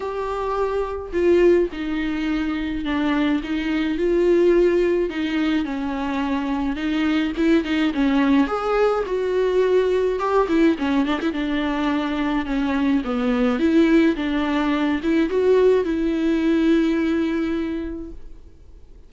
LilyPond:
\new Staff \with { instrumentName = "viola" } { \time 4/4 \tempo 4 = 106 g'2 f'4 dis'4~ | dis'4 d'4 dis'4 f'4~ | f'4 dis'4 cis'2 | dis'4 e'8 dis'8 cis'4 gis'4 |
fis'2 g'8 e'8 cis'8 d'16 e'16 | d'2 cis'4 b4 | e'4 d'4. e'8 fis'4 | e'1 | }